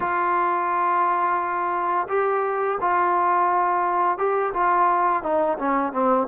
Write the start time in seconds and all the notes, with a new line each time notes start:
0.00 F4
2.08 G4
2.80 F4
4.18 G4
4.53 F4
5.22 D#4
5.58 C#4
5.92 C4